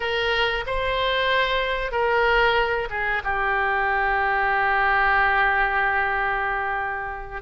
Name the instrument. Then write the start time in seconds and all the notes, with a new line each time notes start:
oboe
0.00 A#4
0.66 C5
1.91 A#4
2.90 G#4
3.24 G4